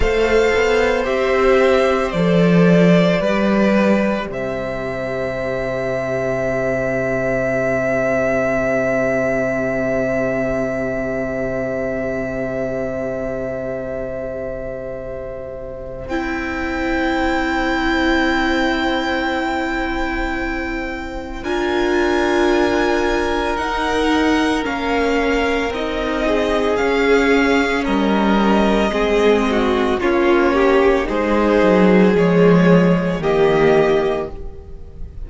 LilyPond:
<<
  \new Staff \with { instrumentName = "violin" } { \time 4/4 \tempo 4 = 56 f''4 e''4 d''2 | e''1~ | e''1~ | e''2. g''4~ |
g''1 | gis''2 fis''4 f''4 | dis''4 f''4 dis''2 | cis''4 c''4 cis''4 dis''4 | }
  \new Staff \with { instrumentName = "violin" } { \time 4/4 c''2. b'4 | c''1~ | c''1~ | c''1~ |
c''1 | ais'1~ | ais'8 gis'4. ais'4 gis'8 fis'8 | f'8 g'8 gis'2 g'4 | }
  \new Staff \with { instrumentName = "viola" } { \time 4/4 a'4 g'4 a'4 g'4~ | g'1~ | g'1~ | g'2. e'4~ |
e'1 | f'2 dis'4 cis'4 | dis'4 cis'2 c'4 | cis'4 dis'4 gis4 ais4 | }
  \new Staff \with { instrumentName = "cello" } { \time 4/4 a8 b8 c'4 f4 g4 | c1~ | c1~ | c2. c'4~ |
c'1 | d'2 dis'4 ais4 | c'4 cis'4 g4 gis4 | ais4 gis8 fis8 f4 dis4 | }
>>